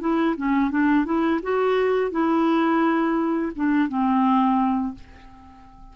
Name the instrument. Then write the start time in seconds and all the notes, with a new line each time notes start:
clarinet
0.00 E4
0.37 C#4
0.71 D4
1.05 E4
1.42 F#4
2.11 E4
3.56 D4
3.89 C4